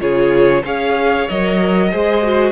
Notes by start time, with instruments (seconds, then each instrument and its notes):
0.00 cello C#3, viola F4, violin G#4 C#5
0.63 cello C#4, viola G#4, violin C#5 F5
1.29 cello F#3, viola A#4, violin D#5
1.91 cello G#3, viola G#4, violin C5
2.23 viola F#4